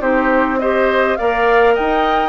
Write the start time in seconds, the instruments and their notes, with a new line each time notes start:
0.00 bassoon C4, clarinet D#4, oboe G4, flute C5
0.59 clarinet G4, oboe C5, flute D#5
1.16 bassoon A#3, clarinet A#4, oboe D5, flute F5
1.74 bassoon D#4, oboe D#5, flute G5